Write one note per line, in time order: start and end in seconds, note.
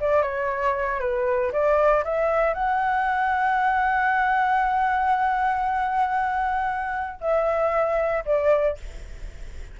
0.00 0.22 D5
0.22 0.99 C#5
1.00 1.52 B4
1.52 2.04 D5
2.04 2.54 E5
2.54 7.19 F#5
7.20 8.24 E5
8.25 8.77 D5